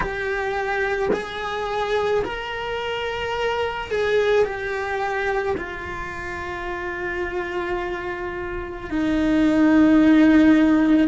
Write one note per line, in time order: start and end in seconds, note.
0.00 1.09 G4
1.12 2.23 G#4
2.24 3.90 A#4
3.90 4.44 G#4
4.44 5.56 G4
5.57 8.90 F4
8.90 11.08 D#4